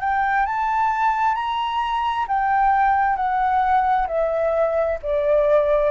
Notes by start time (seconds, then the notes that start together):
0.00 G5
0.46 A5
1.35 A#5
2.28 G5
3.16 F#5
4.07 E5
5.02 D5